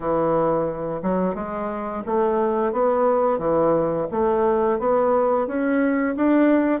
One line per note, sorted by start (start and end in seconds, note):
0.00 1.01 E3
1.02 1.35 F#3
1.35 2.03 G#3
2.05 2.72 A3
2.72 3.38 B3
3.38 4.06 E3
4.11 4.79 A3
4.79 5.47 B3
5.47 6.15 C#4
6.16 6.80 D4